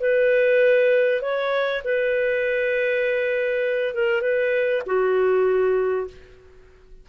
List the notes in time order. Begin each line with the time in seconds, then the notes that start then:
0.00 B4
1.21 C#5
1.84 B4
3.94 A#4
4.21 B4
4.86 F#4